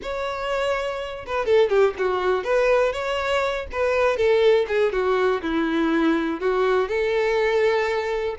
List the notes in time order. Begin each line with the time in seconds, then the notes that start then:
0.02 C#5
1.26 B4
1.45 A4
1.69 G4
1.97 F#4
2.44 B4
2.92 C#5
3.72 B4
4.16 A4
4.68 G#4
4.92 F#4
5.42 E4
6.40 F#4
6.88 A4